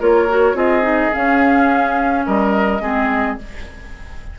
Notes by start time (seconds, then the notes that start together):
0.00 A#3 F4 A#4 C#5
0.29 F#4
0.54 C4 F4 G#4 D#5
0.82 D#4
1.13 C#4 F5
2.26 G3 A#4 D#5
2.81 G#3 C4 G#4